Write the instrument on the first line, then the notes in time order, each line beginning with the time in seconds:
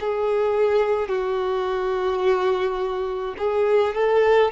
violin
0.00 G#4
1.08 F#4
3.38 G#4
3.95 A4